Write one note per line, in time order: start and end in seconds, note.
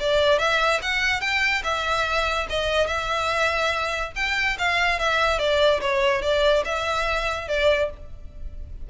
0.00 0.39 D5
0.39 0.81 E5
0.83 1.21 F#5
1.21 1.63 G5
1.64 2.47 E5
2.50 2.87 D#5
2.87 4.12 E5
4.16 4.58 G5
4.59 4.99 F5
4.99 5.39 E5
5.39 5.81 D5
5.81 6.22 C#5
6.22 6.64 D5
6.65 7.48 E5
7.48 7.90 D5